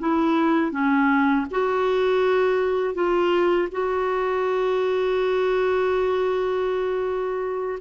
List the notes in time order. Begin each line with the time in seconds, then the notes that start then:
0.00 E4
0.72 C#4
1.51 F#4
2.95 F4
3.72 F#4